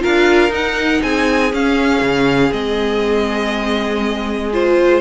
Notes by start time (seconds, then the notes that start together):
0.00 F4 A#4 F5
0.06 D4
0.50 D#4 F#5
1.03 C4 G#4 G#5
1.53 C#4 F5
2.02 C#3
2.51 G#3 C4 D#5
4.53 F4 C5